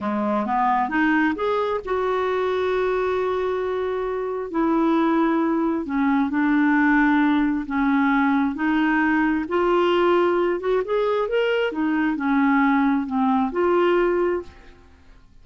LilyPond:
\new Staff \with { instrumentName = "clarinet" } { \time 4/4 \tempo 4 = 133 gis4 b4 dis'4 gis'4 | fis'1~ | fis'2 e'2~ | e'4 cis'4 d'2~ |
d'4 cis'2 dis'4~ | dis'4 f'2~ f'8 fis'8 | gis'4 ais'4 dis'4 cis'4~ | cis'4 c'4 f'2 | }